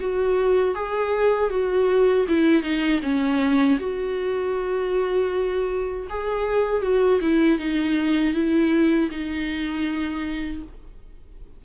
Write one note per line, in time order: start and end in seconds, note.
0.00 0.75 F#4
0.75 1.50 G#4
1.50 2.26 F#4
2.29 2.63 E4
2.63 3.01 D#4
3.02 3.78 C#4
3.79 6.07 F#4
6.10 6.82 G#4
6.82 7.20 F#4
7.22 7.59 E4
7.59 8.34 D#4
8.34 9.10 E4
9.11 10.63 D#4